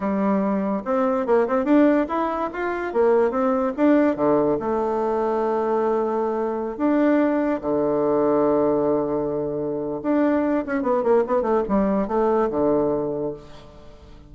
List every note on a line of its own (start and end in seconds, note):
0.00 0.82 G3
0.84 1.26 C4
1.26 1.47 A#3
1.47 1.64 C4
1.64 2.06 D4
2.08 2.50 E4
2.52 2.93 F4
2.93 3.30 A#3
3.30 3.72 C4
3.76 4.16 D4
4.16 4.57 D3
4.59 6.77 A3
6.77 7.60 D4
7.61 10.00 D3
10.02 10.64 D4
10.66 10.82 C#4
10.82 11.03 B3
11.03 11.24 A#3
11.26 11.42 B3
11.42 11.62 A3
11.68 12.07 G3
12.07 12.49 A3
12.50 13.33 D3